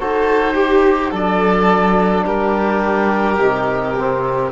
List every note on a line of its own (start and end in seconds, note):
0.00 1.13 D#4
0.00 0.55 F#4
0.00 0.55 A4
0.00 1.14 C5
0.55 1.12 G4
1.12 2.25 F#3
1.12 3.38 D4
1.12 2.25 A4
1.12 2.26 D5
2.25 3.39 G3
2.25 4.52 G4
2.25 4.52 A#4
3.39 4.52 C3
3.39 3.96 D#4
3.98 4.52 C4